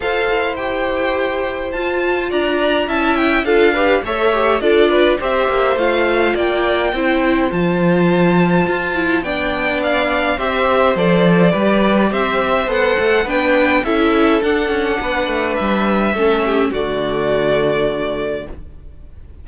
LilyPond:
<<
  \new Staff \with { instrumentName = "violin" } { \time 4/4 \tempo 4 = 104 f''4 g''2 a''4 | ais''4 a''8 g''8 f''4 e''4 | d''4 e''4 f''4 g''4~ | g''4 a''2. |
g''4 f''4 e''4 d''4~ | d''4 e''4 fis''4 g''4 | e''4 fis''2 e''4~ | e''4 d''2. | }
  \new Staff \with { instrumentName = "violin" } { \time 4/4 c''1 | d''4 e''4 a'8 b'8 cis''4 | a'8 b'8 c''2 d''4 | c''1 |
d''2 c''2 | b'4 c''2 b'4 | a'2 b'2 | a'8 g'8 fis'2. | }
  \new Staff \with { instrumentName = "viola" } { \time 4/4 a'4 g'2 f'4~ | f'4 e'4 f'8 g'8 a'8 g'8 | f'4 g'4 f'2 | e'4 f'2~ f'8 e'8 |
d'2 g'4 a'4 | g'2 a'4 d'4 | e'4 d'2. | cis'4 a2. | }
  \new Staff \with { instrumentName = "cello" } { \time 4/4 f'8 e'2~ e'8 f'4 | d'4 cis'4 d'4 a4 | d'4 c'8 ais8 a4 ais4 | c'4 f2 f'4 |
b2 c'4 f4 | g4 c'4 b8 a8 b4 | cis'4 d'8 cis'8 b8 a8 g4 | a4 d2. | }
>>